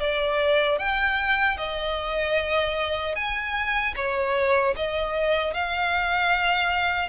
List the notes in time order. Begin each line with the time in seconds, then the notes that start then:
0.00 D5
0.79 G5
1.58 D#5
3.15 G#5
3.96 C#5
4.76 D#5
5.54 F5